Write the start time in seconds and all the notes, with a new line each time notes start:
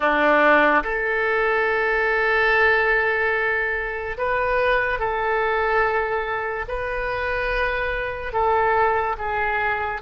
0.00 D4
0.83 A4
4.17 B4
4.98 A4
6.68 B4
8.33 A4
9.18 G#4